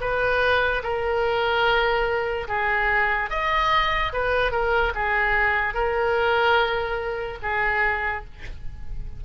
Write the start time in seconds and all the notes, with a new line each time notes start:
0.00 B4
0.83 A#4
2.48 G#4
3.30 D#5
4.13 B4
4.51 A#4
4.95 G#4
5.73 A#4
7.42 G#4